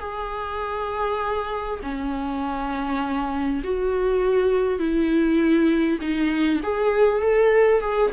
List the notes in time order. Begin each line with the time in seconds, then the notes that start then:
0.00 G#4
1.83 C#4
3.64 F#4
4.79 E4
6.01 D#4
6.63 G#4
7.22 A4
7.81 G#4